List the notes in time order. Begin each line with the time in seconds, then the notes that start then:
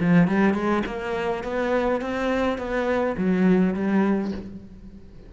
0.00 F3
0.27 G3
0.54 G#3
0.86 A#3
1.43 B3
2.01 C4
2.58 B3
3.17 F#3
3.74 G3